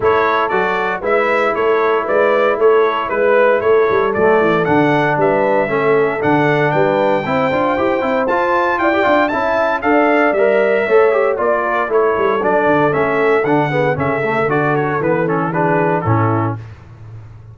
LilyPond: <<
  \new Staff \with { instrumentName = "trumpet" } { \time 4/4 \tempo 4 = 116 cis''4 d''4 e''4 cis''4 | d''4 cis''4 b'4 cis''4 | d''4 fis''4 e''2 | fis''4 g''2. |
a''4 g''4 a''4 f''4 | e''2 d''4 cis''4 | d''4 e''4 fis''4 e''4 | d''8 cis''8 b'8 a'8 b'4 a'4 | }
  \new Staff \with { instrumentName = "horn" } { \time 4/4 a'2 b'4 a'4 | b'4 a'4 b'4 a'4~ | a'2 b'4 a'4~ | a'4 b'4 c''2~ |
c''4 d''4 e''4 d''4~ | d''4 cis''4 d''8 ais'8 a'4~ | a'2~ a'8 gis'8 a'4~ | a'2 gis'4 e'4 | }
  \new Staff \with { instrumentName = "trombone" } { \time 4/4 e'4 fis'4 e'2~ | e'1 | a4 d'2 cis'4 | d'2 e'8 f'8 g'8 e'8 |
f'4~ f'16 g'16 f'8 e'4 a'4 | ais'4 a'8 g'8 f'4 e'4 | d'4 cis'4 d'8 b8 cis'8 a8 | fis'4 b8 cis'8 d'4 cis'4 | }
  \new Staff \with { instrumentName = "tuba" } { \time 4/4 a4 fis4 gis4 a4 | gis4 a4 gis4 a8 g8 | fis8 e8 d4 g4 a4 | d4 g4 c'8 d'8 e'8 c'8 |
f'4 e'8 d'8 cis'4 d'4 | g4 a4 ais4 a8 g8 | fis8 d8 a4 d4 cis4 | d4 e2 a,4 | }
>>